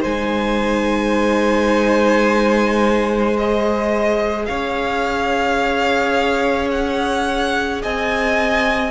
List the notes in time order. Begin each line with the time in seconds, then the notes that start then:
0.00 G#3 D#4 C5 G#5
3.37 G#4 D#5
4.45 C#4 C#5 F5
6.71 F#5
7.81 C4 D#5 G#5